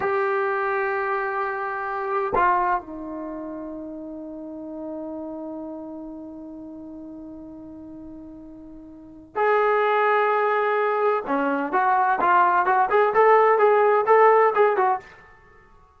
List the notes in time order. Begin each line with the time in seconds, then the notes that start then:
0.00 G4
2.35 F4
2.80 D#4
9.35 G#4
11.26 C#4
11.72 F#4
12.20 F4
12.66 F#4
12.90 G#4
13.14 A4
13.58 G#4
14.06 A4
14.55 G#4
14.76 F#4